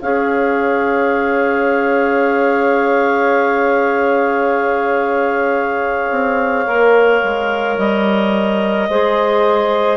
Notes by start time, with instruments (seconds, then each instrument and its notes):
0.00 bassoon C#4, clarinet G#4 F5, saxophone C#5
6.10 bassoon C4
6.66 bassoon A#3, clarinet A#4
7.23 bassoon G#3
7.77 bassoon G3, clarinet D#5
8.89 bassoon G#3, clarinet G#4, saxophone C5